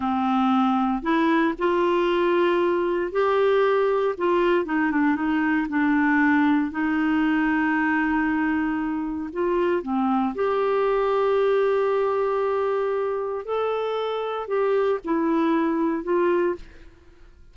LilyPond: \new Staff \with { instrumentName = "clarinet" } { \time 4/4 \tempo 4 = 116 c'2 e'4 f'4~ | f'2 g'2 | f'4 dis'8 d'8 dis'4 d'4~ | d'4 dis'2.~ |
dis'2 f'4 c'4 | g'1~ | g'2 a'2 | g'4 e'2 f'4 | }